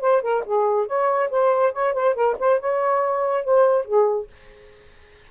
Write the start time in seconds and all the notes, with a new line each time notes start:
0.00 C5
0.22 A#4
0.45 G#4
0.86 C#5
1.30 C5
1.72 C#5
1.93 C5
2.14 A#4
2.39 C5
2.59 C#5
3.44 C5
3.85 G#4